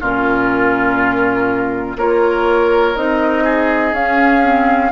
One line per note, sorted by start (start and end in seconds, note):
0.00 1.97 A#2
0.00 1.98 C#4
0.00 1.97 F4
0.00 1.98 A#4
1.97 2.95 A#3
1.97 2.95 F4
1.97 3.44 A#4
1.97 2.96 C#5
2.95 3.93 C4
2.95 3.94 D#4
2.95 3.94 D#5
3.44 4.91 G#4
3.93 4.91 C#4
3.93 4.42 C#4
3.93 4.91 F5
4.42 4.91 C4